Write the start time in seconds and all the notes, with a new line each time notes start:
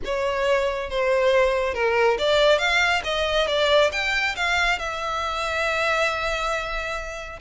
0.04 C#5
0.89 C5
1.74 A#4
2.18 D5
2.58 F5
3.04 D#5
3.47 D5
3.92 G5
4.36 F5
4.78 E5